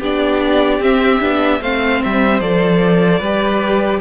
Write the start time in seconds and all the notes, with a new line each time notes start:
0.00 B3 D4 G4 D5
0.80 C4 E5
1.21 B3 D4
1.61 A3 C4 C5 F5
2.04 G3 E5
2.40 F3 A4 D5
3.20 G3 G4 B4